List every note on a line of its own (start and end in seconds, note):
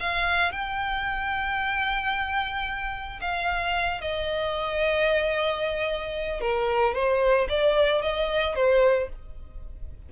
0.00 0.52 F5
0.52 3.20 G5
3.21 4.01 F5
4.01 6.41 D#5
6.41 6.94 A#4
6.94 7.48 C5
7.49 8.02 D5
8.02 8.56 D#5
8.56 9.09 C5